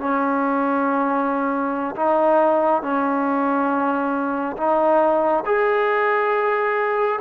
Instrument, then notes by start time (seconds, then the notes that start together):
trombone
0.00 C#4
1.96 D#4
2.83 C#4
4.57 D#4
5.46 G#4